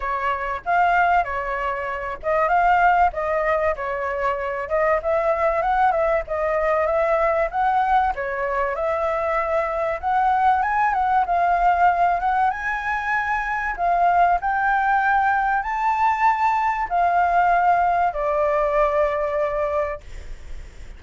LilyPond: \new Staff \with { instrumentName = "flute" } { \time 4/4 \tempo 4 = 96 cis''4 f''4 cis''4. dis''8 | f''4 dis''4 cis''4. dis''8 | e''4 fis''8 e''8 dis''4 e''4 | fis''4 cis''4 e''2 |
fis''4 gis''8 fis''8 f''4. fis''8 | gis''2 f''4 g''4~ | g''4 a''2 f''4~ | f''4 d''2. | }